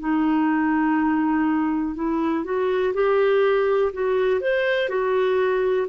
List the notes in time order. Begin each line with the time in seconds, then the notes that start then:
0.00 D#4
1.95 E4
2.45 F#4
2.94 G4
3.93 F#4
4.41 C5
4.90 F#4